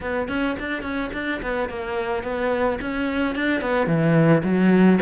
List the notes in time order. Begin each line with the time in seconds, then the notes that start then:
0.00 B3
0.28 C#4
0.59 D4
0.82 C#4
1.13 D4
1.42 B3
1.69 A#3
2.23 B3
2.81 C#4
3.35 D4
3.61 B3
3.86 E3
4.43 F#3